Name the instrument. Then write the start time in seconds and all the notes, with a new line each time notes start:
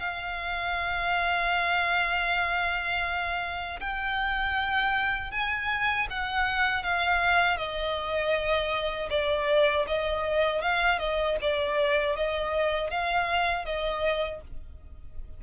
violin
0.00 F5
3.80 G5
5.31 G#5
6.10 F#5
6.84 F5
7.57 D#5
9.10 D5
9.88 D#5
10.62 F5
10.99 D#5
11.41 D5
12.17 D#5
12.91 F5
13.65 D#5